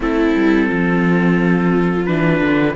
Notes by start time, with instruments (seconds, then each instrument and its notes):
0.00 cello A3, viola C4 E4, trumpet A4
0.35 cello G3
0.68 cello F3, viola F4
2.05 cello E3, viola D4, trumpet B4
2.40 cello D3